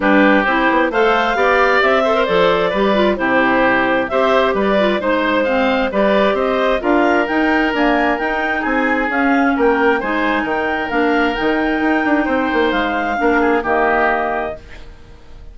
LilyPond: <<
  \new Staff \with { instrumentName = "clarinet" } { \time 4/4 \tempo 4 = 132 b'4 c''4 f''2 | e''4 d''2 c''4~ | c''4 e''4 d''4 c''4~ | c''4 d''4 dis''4 f''4 |
g''4 gis''4 g''4 gis''4 | f''4 g''4 gis''4 g''4 | f''4 g''2. | f''2 dis''2 | }
  \new Staff \with { instrumentName = "oboe" } { \time 4/4 g'2 c''4 d''4~ | d''8 c''4. b'4 g'4~ | g'4 c''4 b'4 c''4 | f''4 b'4 c''4 ais'4~ |
ais'2. gis'4~ | gis'4 ais'4 c''4 ais'4~ | ais'2. c''4~ | c''4 ais'8 gis'8 g'2 | }
  \new Staff \with { instrumentName = "clarinet" } { \time 4/4 d'4 e'4 a'4 g'4~ | g'8 a'16 ais'16 a'4 g'8 f'8 e'4~ | e'4 g'4. f'8 dis'4 | c'4 g'2 f'4 |
dis'4 ais4 dis'2 | cis'2 dis'2 | d'4 dis'2.~ | dis'4 d'4 ais2 | }
  \new Staff \with { instrumentName = "bassoon" } { \time 4/4 g4 c'8 b8 a4 b4 | c'4 f4 g4 c4~ | c4 c'4 g4 gis4~ | gis4 g4 c'4 d'4 |
dis'4 d'4 dis'4 c'4 | cis'4 ais4 gis4 dis4 | ais4 dis4 dis'8 d'8 c'8 ais8 | gis4 ais4 dis2 | }
>>